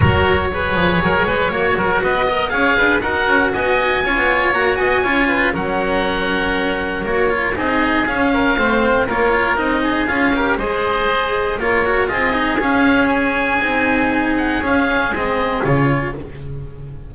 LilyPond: <<
  \new Staff \with { instrumentName = "oboe" } { \time 4/4 \tempo 4 = 119 cis''1 | dis''4 f''4 fis''4 gis''4~ | gis''4 ais''8 gis''4. fis''4~ | fis''2 cis''4 dis''4 |
f''2 cis''4 dis''4 | f''4 dis''2 cis''4 | dis''4 f''4 gis''2~ | gis''8 fis''8 f''4 dis''4 cis''4 | }
  \new Staff \with { instrumentName = "oboe" } { \time 4/4 ais'4 b'4 ais'8 b'8 cis''8 ais'8 | b'8 dis''8 cis''8 b'8 ais'4 dis''4 | cis''4. dis''8 cis''8 b'8 ais'4~ | ais'2. gis'4~ |
gis'8 ais'8 c''4 ais'4. gis'8~ | gis'8 ais'8 c''2 ais'4 | gis'1~ | gis'1 | }
  \new Staff \with { instrumentName = "cello" } { \time 4/4 fis'4 gis'2 fis'4~ | fis'8 ais'8 gis'4 fis'2 | f'4 fis'4 f'4 cis'4~ | cis'2 fis'8 f'8 dis'4 |
cis'4 c'4 f'4 dis'4 | f'8 g'8 gis'2 f'8 fis'8 | f'8 dis'8 cis'2 dis'4~ | dis'4 cis'4 c'4 f'4 | }
  \new Staff \with { instrumentName = "double bass" } { \time 4/4 fis4. f8 fis8 gis8 ais8 fis8 | b4 cis'8 d'8 dis'8 cis'8 b4 | cis'16 b8. ais8 b8 cis'4 fis4~ | fis2 ais4 c'4 |
cis'4 a4 ais4 c'4 | cis'4 gis2 ais4 | c'4 cis'2 c'4~ | c'4 cis'4 gis4 cis4 | }
>>